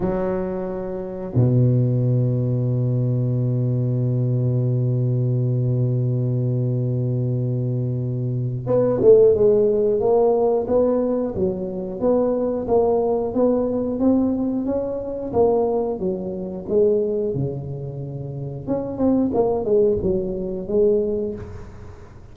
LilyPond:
\new Staff \with { instrumentName = "tuba" } { \time 4/4 \tempo 4 = 90 fis2 b,2~ | b,1~ | b,1~ | b,4 b8 a8 gis4 ais4 |
b4 fis4 b4 ais4 | b4 c'4 cis'4 ais4 | fis4 gis4 cis2 | cis'8 c'8 ais8 gis8 fis4 gis4 | }